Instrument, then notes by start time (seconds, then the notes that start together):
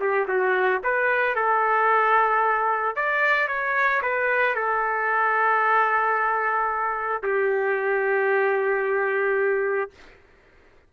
trumpet
0.00 G4
0.28 F#4
0.83 B4
1.35 A4
2.95 D5
3.47 C#5
4.02 B4
4.54 A4
7.22 G4